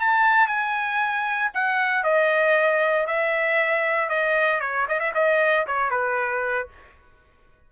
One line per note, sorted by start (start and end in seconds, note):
0.00 0.48 A5
0.48 1.51 G#5
1.55 2.04 F#5
2.04 3.07 D#5
3.08 4.10 E5
4.10 4.61 D#5
4.61 4.87 C#5
4.89 5.00 D#5
5.00 5.13 E5
5.15 5.67 D#5
5.67 5.91 C#5
5.91 6.69 B4